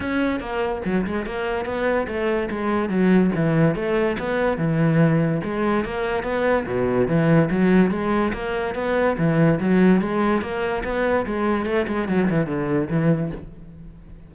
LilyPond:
\new Staff \with { instrumentName = "cello" } { \time 4/4 \tempo 4 = 144 cis'4 ais4 fis8 gis8 ais4 | b4 a4 gis4 fis4 | e4 a4 b4 e4~ | e4 gis4 ais4 b4 |
b,4 e4 fis4 gis4 | ais4 b4 e4 fis4 | gis4 ais4 b4 gis4 | a8 gis8 fis8 e8 d4 e4 | }